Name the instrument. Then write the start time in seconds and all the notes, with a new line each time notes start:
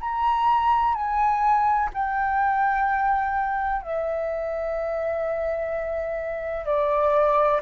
flute
0.00 A#5
0.94 G#5
1.94 G5
3.82 E5
6.65 D5